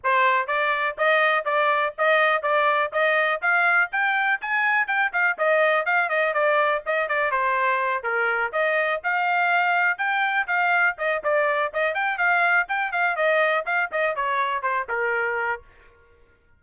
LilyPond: \new Staff \with { instrumentName = "trumpet" } { \time 4/4 \tempo 4 = 123 c''4 d''4 dis''4 d''4 | dis''4 d''4 dis''4 f''4 | g''4 gis''4 g''8 f''8 dis''4 | f''8 dis''8 d''4 dis''8 d''8 c''4~ |
c''8 ais'4 dis''4 f''4.~ | f''8 g''4 f''4 dis''8 d''4 | dis''8 g''8 f''4 g''8 f''8 dis''4 | f''8 dis''8 cis''4 c''8 ais'4. | }